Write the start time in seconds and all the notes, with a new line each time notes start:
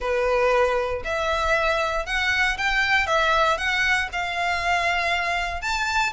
0.00 B4
1.04 E5
2.06 F#5
2.57 G5
3.07 E5
3.57 F#5
4.12 F5
5.61 A5